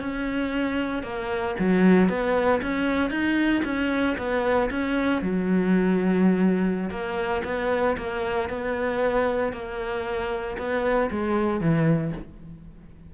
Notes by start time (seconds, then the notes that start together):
0.00 C#4
1.03 A#3
1.59 F#3
2.09 B3
2.62 C#4
3.10 D#4
3.65 C#4
4.17 B3
4.71 C#4
5.22 F#3
6.90 A#3
7.44 B3
7.97 A#3
8.49 B3
9.52 A#3
10.58 B3
11.11 G#3
11.60 E3